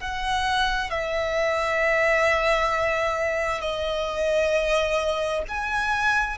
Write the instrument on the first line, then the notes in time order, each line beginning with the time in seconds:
violin
0.00 F#5
0.90 E5
3.61 D#5
5.48 G#5